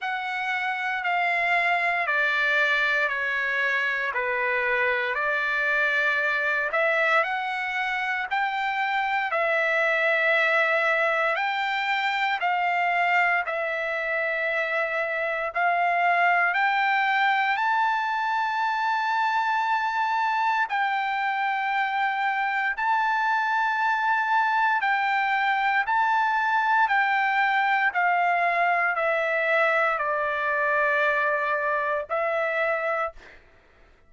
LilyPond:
\new Staff \with { instrumentName = "trumpet" } { \time 4/4 \tempo 4 = 58 fis''4 f''4 d''4 cis''4 | b'4 d''4. e''8 fis''4 | g''4 e''2 g''4 | f''4 e''2 f''4 |
g''4 a''2. | g''2 a''2 | g''4 a''4 g''4 f''4 | e''4 d''2 e''4 | }